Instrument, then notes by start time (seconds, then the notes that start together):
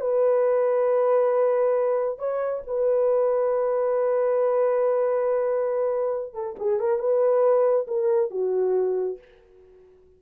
horn
0.00 B4
2.18 C#5
2.67 B4
6.34 A4
6.59 G#4
6.80 A#4
6.99 B4
7.87 A#4
8.30 F#4